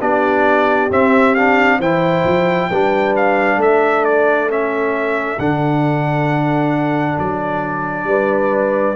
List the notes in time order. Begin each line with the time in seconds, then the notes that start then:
0.00 B3 D4 G4 D5
0.90 C4 E5
1.35 D4 F5
1.78 E3 E4 C5 G5
2.24 F3
2.70 G3 D4 B4
3.16 F5
3.57 A3 A4 E5
4.05 D5
4.49 C#4 E5
5.38 D3 D4 F#5
7.18 F#3 D5
8.04 G3 B4